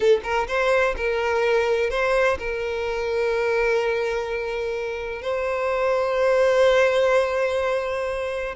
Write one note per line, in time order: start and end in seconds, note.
0.00 0.20 A4
0.23 0.47 A#4
0.47 0.95 C5
0.96 1.90 A#4
1.90 2.37 C5
2.38 5.21 A#4
5.21 8.55 C5